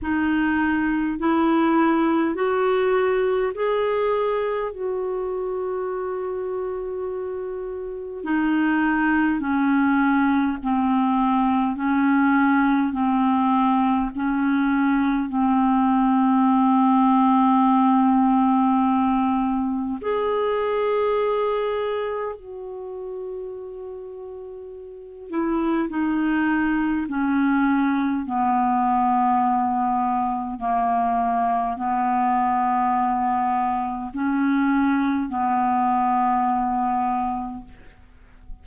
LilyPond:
\new Staff \with { instrumentName = "clarinet" } { \time 4/4 \tempo 4 = 51 dis'4 e'4 fis'4 gis'4 | fis'2. dis'4 | cis'4 c'4 cis'4 c'4 | cis'4 c'2.~ |
c'4 gis'2 fis'4~ | fis'4. e'8 dis'4 cis'4 | b2 ais4 b4~ | b4 cis'4 b2 | }